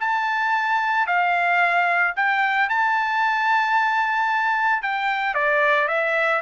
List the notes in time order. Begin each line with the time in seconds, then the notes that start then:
0.00 A5
1.07 F5
2.16 G5
2.69 A5
4.82 G5
5.34 D5
5.88 E5